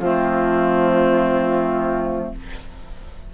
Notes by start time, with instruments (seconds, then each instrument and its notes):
0.00 bassoon F3, clarinet A3, oboe C4, flute F4